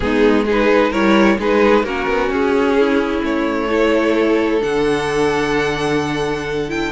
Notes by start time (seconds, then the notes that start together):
0.00 G#3 B3 D#4 G#4
0.45 D#4 G#4 B4
0.90 G3 E4 A#4 C#5
1.38 G#3 D#4 G#4 B4
1.83 A#3 C#4 F#4 A#4
2.07 B3
2.29 C#4 G#4
2.79 E4
3.23 A3 C#5
3.69 E4 A4
4.60 D3 D4 F#5
6.68 E4 G5